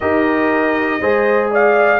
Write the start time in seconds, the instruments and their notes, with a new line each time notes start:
0.00 tuba D#4, trombone G4, horn A#4, trumpet D#5
1.00 tuba G#3, trombone G#4, horn C5
1.51 horn D5, trumpet F5